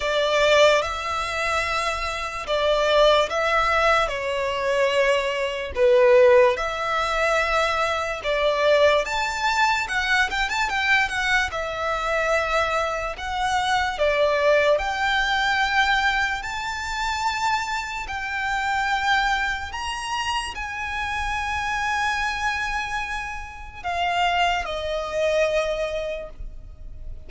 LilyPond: \new Staff \with { instrumentName = "violin" } { \time 4/4 \tempo 4 = 73 d''4 e''2 d''4 | e''4 cis''2 b'4 | e''2 d''4 a''4 | fis''8 g''16 a''16 g''8 fis''8 e''2 |
fis''4 d''4 g''2 | a''2 g''2 | ais''4 gis''2.~ | gis''4 f''4 dis''2 | }